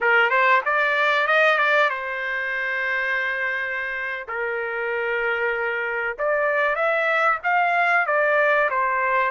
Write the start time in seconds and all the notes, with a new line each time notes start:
0.01 A#4
0.30 C5
0.65 D5
1.27 D#5
1.58 D5
1.89 C5
4.27 A#4
6.18 D5
6.76 E5
7.43 F5
8.06 D5
8.70 C5